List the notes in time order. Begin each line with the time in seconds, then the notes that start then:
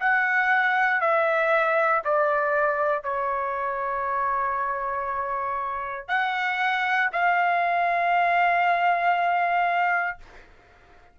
0.00 F#5
1.01 E5
2.05 D5
3.03 C#5
6.08 F#5
7.13 F5